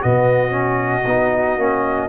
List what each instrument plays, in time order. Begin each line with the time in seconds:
0.00 tuba B2, trombone B3, flute F#4, trumpet D#5
0.50 trombone C#4
1.05 tuba B3, trombone D#4
1.57 tuba A#3, trombone C#4